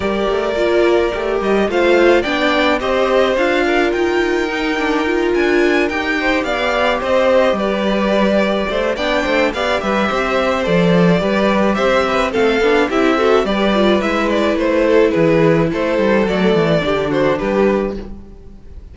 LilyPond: <<
  \new Staff \with { instrumentName = "violin" } { \time 4/4 \tempo 4 = 107 d''2~ d''8 dis''8 f''4 | g''4 dis''4 f''4 g''4~ | g''4. gis''4 g''4 f''8~ | f''8 dis''4 d''2~ d''8 |
g''4 f''8 e''4. d''4~ | d''4 e''4 f''4 e''4 | d''4 e''8 d''8 c''4 b'4 | c''4 d''4. c''8 b'4 | }
  \new Staff \with { instrumentName = "violin" } { \time 4/4 ais'2. c''4 | d''4 c''4. ais'4.~ | ais'2. c''8 d''8~ | d''8 c''4 b'2 c''8 |
d''8 c''8 d''8 b'8 c''2 | b'4 c''8 b'8 a'4 g'8 a'8 | b'2~ b'8 a'8 gis'4 | a'2 g'8 fis'8 g'4 | }
  \new Staff \with { instrumentName = "viola" } { \time 4/4 g'4 f'4 g'4 f'4 | d'4 g'4 f'2 | dis'8 d'8 f'4. g'4.~ | g'1 |
d'4 g'2 a'4 | g'2 c'8 d'8 e'8 fis'8 | g'8 f'8 e'2.~ | e'4 a4 d'2 | }
  \new Staff \with { instrumentName = "cello" } { \time 4/4 g8 a8 ais4 a8 g8 a4 | b4 c'4 d'4 dis'4~ | dis'4. d'4 dis'4 b8~ | b8 c'4 g2 a8 |
b8 a8 b8 g8 c'4 f4 | g4 c'4 a8 b8 c'4 | g4 gis4 a4 e4 | a8 g8 fis8 e8 d4 g4 | }
>>